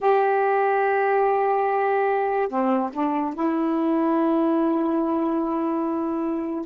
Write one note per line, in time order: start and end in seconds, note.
0.00 2.48 G4
2.48 2.90 C4
2.92 3.34 D4
3.34 6.65 E4